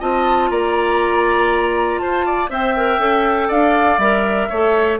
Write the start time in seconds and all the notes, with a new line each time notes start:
0.00 C4 F4 D#5 A5
0.51 A#3 D5 A#5
1.99 F4 C5 A5
2.26 D5
2.49 C4 C5 E5 G5
2.77 A#4
2.99 C#4 A4
3.48 D4 D5 F5
3.98 G3 A#4 E5
4.49 A3 A4 C#5